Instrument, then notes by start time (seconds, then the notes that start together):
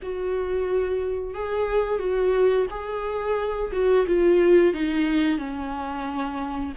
viola
0.02 F#4
1.34 G#4
1.99 F#4
2.70 G#4
3.72 F#4
4.06 F4
4.73 D#4
5.37 C#4